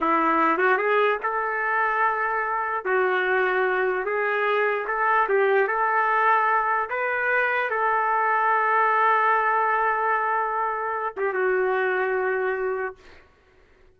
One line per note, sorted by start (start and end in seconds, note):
0.01 0.58 E4
0.58 0.77 F#4
0.77 1.18 G#4
1.22 2.85 A4
2.85 4.05 F#4
4.05 4.86 G#4
4.87 5.28 A4
5.28 5.67 G4
5.67 6.89 A4
6.89 7.70 B4
7.70 11.14 A4
11.16 11.33 G4
11.33 12.95 F#4